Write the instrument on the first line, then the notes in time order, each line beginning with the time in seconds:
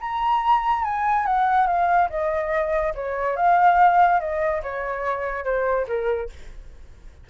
flute
0.00 A#5
0.84 G#5
1.26 F#5
1.67 F5
2.10 D#5
2.95 C#5
3.36 F5
4.20 D#5
4.63 C#5
5.44 C5
5.88 A#4